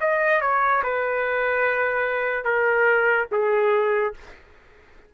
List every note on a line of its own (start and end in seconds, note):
0.00 0.41 D#5
0.41 0.82 C#5
0.83 2.44 B4
2.44 3.26 A#4
3.31 4.14 G#4